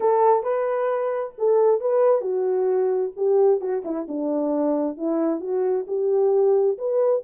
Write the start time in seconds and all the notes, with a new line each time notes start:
0.00 A4
0.43 B4
1.37 A4
1.80 B4
2.21 F#4
3.16 G4
3.60 F#4
3.84 E4
4.08 D4
4.97 E4
5.40 F#4
5.87 G4
6.78 B4